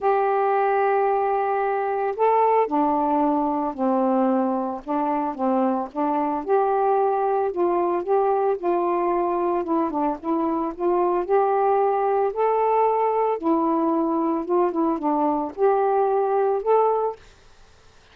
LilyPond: \new Staff \with { instrumentName = "saxophone" } { \time 4/4 \tempo 4 = 112 g'1 | a'4 d'2 c'4~ | c'4 d'4 c'4 d'4 | g'2 f'4 g'4 |
f'2 e'8 d'8 e'4 | f'4 g'2 a'4~ | a'4 e'2 f'8 e'8 | d'4 g'2 a'4 | }